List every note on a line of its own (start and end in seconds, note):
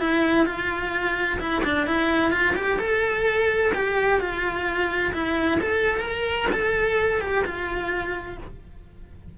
0.00 0.46 E4
0.46 1.39 F4
1.40 1.63 E4
1.64 1.86 D4
1.86 2.31 E4
2.31 2.55 F4
2.56 2.79 G4
2.79 3.72 A4
3.74 4.20 G4
4.20 5.13 F4
5.13 5.60 E4
5.61 6.01 A4
6.01 6.47 A#4
6.52 7.21 A4
7.21 7.44 G4
7.45 8.38 F4